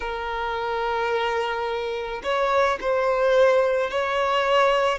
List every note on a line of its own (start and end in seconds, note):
0.00 2.22 A#4
2.23 2.78 C#5
2.81 3.90 C5
3.90 4.98 C#5